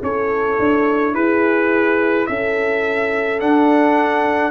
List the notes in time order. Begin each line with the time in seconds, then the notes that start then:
0.00 C#4 E4 A4 C#5
0.59 D4
1.14 E4 G#4 B4
2.27 C#4 A4 E5
3.40 D4 F#5